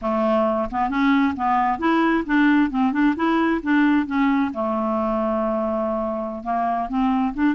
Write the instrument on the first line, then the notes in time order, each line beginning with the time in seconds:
clarinet
0.01 A3
0.70 B3
0.89 C#4
1.36 B3
1.79 E4
2.26 D4
2.70 C4
2.92 D4
3.16 E4
3.62 D4
4.06 C#4
4.53 A3
6.43 A#3
6.88 C4
7.34 D4